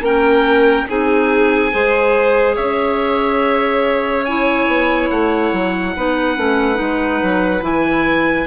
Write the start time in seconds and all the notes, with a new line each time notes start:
0.00 A#3 C#4 A#4 G5
0.88 C4 D#4 G#4 G#5
1.71 G#3 G#4 C5
2.55 C#4 C#5 E5
4.25 E4 G#5
4.67 B3
5.10 A3 F#5
5.52 F#3
5.96 B3 D#4 B4
6.36 A3 C#4
6.74 G#3 D#4
7.22 F#3
7.61 E3 E4 G#5